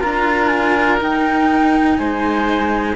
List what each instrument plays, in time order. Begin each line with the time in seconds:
0.00 cello D4 F4, oboe A#4, flute A#5
0.48 flute G#5
0.97 cello D#4, flute G5
1.97 cello G#3, oboe C5, flute G#5